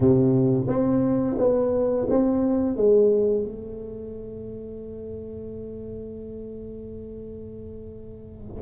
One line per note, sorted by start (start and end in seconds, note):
0.00 0.66 C3
0.67 1.36 C4
1.38 2.07 B3
2.09 2.76 C4
2.76 3.45 G#3
3.45 8.61 A3